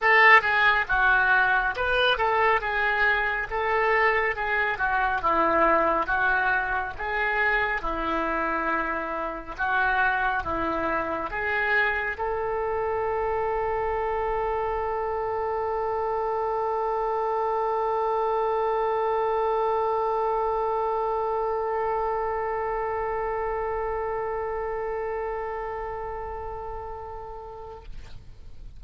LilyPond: \new Staff \with { instrumentName = "oboe" } { \time 4/4 \tempo 4 = 69 a'8 gis'8 fis'4 b'8 a'8 gis'4 | a'4 gis'8 fis'8 e'4 fis'4 | gis'4 e'2 fis'4 | e'4 gis'4 a'2~ |
a'1~ | a'1~ | a'1~ | a'1 | }